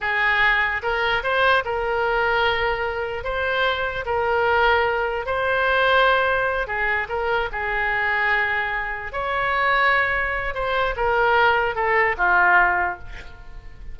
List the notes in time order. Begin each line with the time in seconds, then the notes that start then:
0.01 G#4
0.82 A#4
1.23 C5
1.64 A#4
3.23 C5
4.05 A#4
5.26 C5
6.67 G#4
7.08 A#4
7.52 G#4
9.12 C#5
10.54 C5
10.96 A#4
11.75 A4
12.17 F4